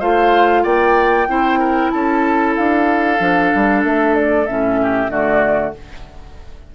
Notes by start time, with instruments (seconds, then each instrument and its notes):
0.00 bassoon A3, clarinet F4, oboe C5, flute F5
0.63 bassoon A#3, oboe D5, flute G5
1.28 bassoon C4, clarinet E4, oboe C5
1.59 oboe A#4
1.90 bassoon C#4, oboe A4, flute A5
2.56 bassoon D4, flute F5
3.18 bassoon F3, clarinet D4
3.55 bassoon G3
3.84 bassoon A3, flute E5
4.15 flute D5
4.46 bassoon A2, clarinet C#4, flute E5
4.82 oboe G4
5.09 bassoon D3, clarinet A3, oboe F#4, flute D5